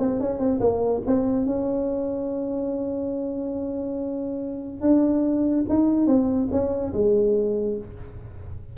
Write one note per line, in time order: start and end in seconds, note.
0.00 0.21 C4
0.21 0.39 C#4
0.39 0.60 C4
0.60 1.02 A#3
1.07 1.46 C4
1.46 4.81 C#4
4.81 5.65 D4
5.69 6.07 D#4
6.07 6.49 C4
6.52 6.94 C#4
6.94 7.78 G#3